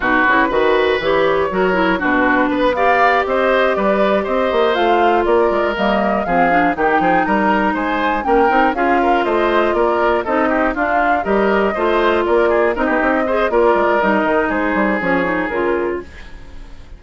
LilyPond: <<
  \new Staff \with { instrumentName = "flute" } { \time 4/4 \tempo 4 = 120 b'2 cis''2 | b'4. f''4 dis''4 d''8~ | d''8 dis''4 f''4 d''4 dis''8~ | dis''8 f''4 g''4 ais''4 gis''8~ |
gis''8 g''4 f''4 dis''4 d''8~ | d''8 dis''4 f''4 dis''4.~ | dis''8 d''4 dis''4. d''4 | dis''4 c''4 cis''4 ais'4 | }
  \new Staff \with { instrumentName = "oboe" } { \time 4/4 fis'4 b'2 ais'4 | fis'4 b'8 d''4 c''4 b'8~ | b'8 c''2 ais'4.~ | ais'8 gis'4 g'8 gis'8 ais'4 c''8~ |
c''8 ais'4 gis'8 ais'8 c''4 ais'8~ | ais'8 a'8 g'8 f'4 ais'4 c''8~ | c''8 ais'8 gis'8 ais'16 g'8. c''8 ais'4~ | ais'4 gis'2. | }
  \new Staff \with { instrumentName = "clarinet" } { \time 4/4 dis'8 e'8 fis'4 g'4 fis'8 e'8 | d'4. g'2~ g'8~ | g'4. f'2 ais8~ | ais8 c'8 d'8 dis'2~ dis'8~ |
dis'8 cis'8 dis'8 f'2~ f'8~ | f'8 dis'4 d'4 g'4 f'8~ | f'4. dis'4 gis'8 f'4 | dis'2 cis'8 dis'8 f'4 | }
  \new Staff \with { instrumentName = "bassoon" } { \time 4/4 b,8 cis8 dis4 e4 fis4 | b,4 b4. c'4 g8~ | g8 c'8 ais8 a4 ais8 gis8 g8~ | g8 f4 dis8 f8 g4 gis8~ |
gis8 ais8 c'8 cis'4 a4 ais8~ | ais8 c'4 d'4 g4 a8~ | a8 ais4 c'16 b16 c'4 ais8 gis8 | g8 dis8 gis8 g8 f4 cis4 | }
>>